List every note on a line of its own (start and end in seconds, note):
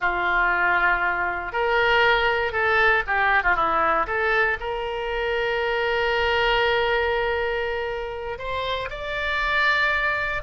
0.00 1.52 F4
1.52 2.52 A#4
2.52 3.03 A4
3.06 3.43 G4
3.43 3.55 F4
3.55 4.06 E4
4.06 4.57 A4
4.59 8.38 A#4
8.38 8.89 C5
8.89 10.42 D5